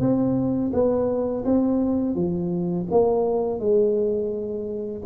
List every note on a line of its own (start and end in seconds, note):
0.00 0.71 C4
0.73 1.45 B3
1.45 2.16 C4
2.16 2.87 F3
2.91 3.59 A#3
3.59 5.02 G#3